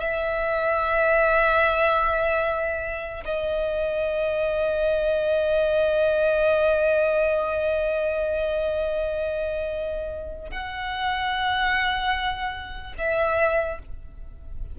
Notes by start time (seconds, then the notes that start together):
0.00 E5
3.25 D#5
10.51 F#5
12.98 E5